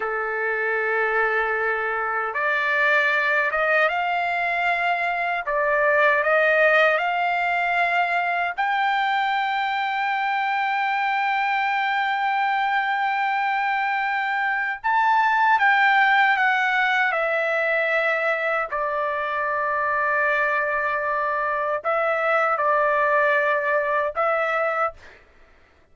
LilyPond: \new Staff \with { instrumentName = "trumpet" } { \time 4/4 \tempo 4 = 77 a'2. d''4~ | d''8 dis''8 f''2 d''4 | dis''4 f''2 g''4~ | g''1~ |
g''2. a''4 | g''4 fis''4 e''2 | d''1 | e''4 d''2 e''4 | }